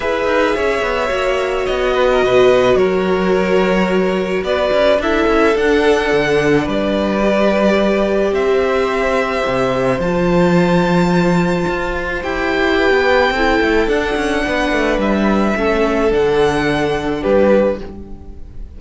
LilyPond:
<<
  \new Staff \with { instrumentName = "violin" } { \time 4/4 \tempo 4 = 108 e''2. dis''4~ | dis''4 cis''2. | d''4 e''4 fis''2 | d''2. e''4~ |
e''2 a''2~ | a''2 g''2~ | g''4 fis''2 e''4~ | e''4 fis''2 b'4 | }
  \new Staff \with { instrumentName = "violin" } { \time 4/4 b'4 cis''2~ cis''8 b'16 ais'16 | b'4 ais'2. | b'4 a'2. | b'2. c''4~ |
c''1~ | c''2. b'4 | a'2 b'2 | a'2. g'4 | }
  \new Staff \with { instrumentName = "viola" } { \time 4/4 gis'2 fis'2~ | fis'1~ | fis'4 e'4 d'2~ | d'4 g'2.~ |
g'2 f'2~ | f'2 g'2 | e'4 d'2. | cis'4 d'2. | }
  \new Staff \with { instrumentName = "cello" } { \time 4/4 e'8 dis'8 cis'8 b8 ais4 b4 | b,4 fis2. | b8 cis'8 d'8 cis'8 d'4 d4 | g2. c'4~ |
c'4 c4 f2~ | f4 f'4 e'4~ e'16 b8. | c'8 a8 d'8 cis'8 b8 a8 g4 | a4 d2 g4 | }
>>